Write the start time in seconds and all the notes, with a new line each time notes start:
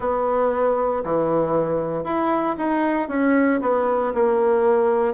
0.00 B3
1.03 E3
2.04 E4
2.58 D#4
3.08 C#4
3.61 B3
4.14 A#3